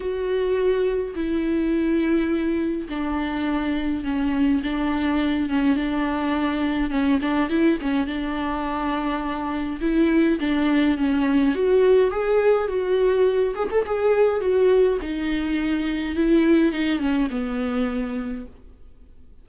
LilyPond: \new Staff \with { instrumentName = "viola" } { \time 4/4 \tempo 4 = 104 fis'2 e'2~ | e'4 d'2 cis'4 | d'4. cis'8 d'2 | cis'8 d'8 e'8 cis'8 d'2~ |
d'4 e'4 d'4 cis'4 | fis'4 gis'4 fis'4. gis'16 a'16 | gis'4 fis'4 dis'2 | e'4 dis'8 cis'8 b2 | }